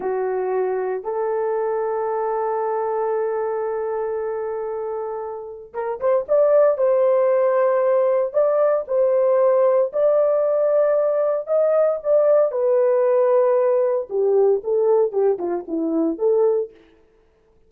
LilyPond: \new Staff \with { instrumentName = "horn" } { \time 4/4 \tempo 4 = 115 fis'2 a'2~ | a'1~ | a'2. ais'8 c''8 | d''4 c''2. |
d''4 c''2 d''4~ | d''2 dis''4 d''4 | b'2. g'4 | a'4 g'8 f'8 e'4 a'4 | }